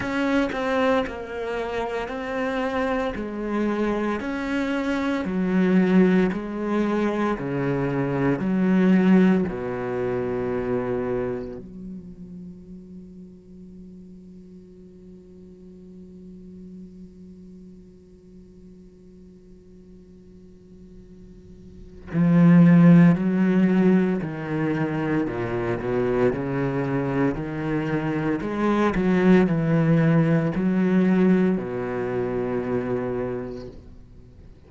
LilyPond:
\new Staff \with { instrumentName = "cello" } { \time 4/4 \tempo 4 = 57 cis'8 c'8 ais4 c'4 gis4 | cis'4 fis4 gis4 cis4 | fis4 b,2 fis4~ | fis1~ |
fis1~ | fis4 f4 fis4 dis4 | ais,8 b,8 cis4 dis4 gis8 fis8 | e4 fis4 b,2 | }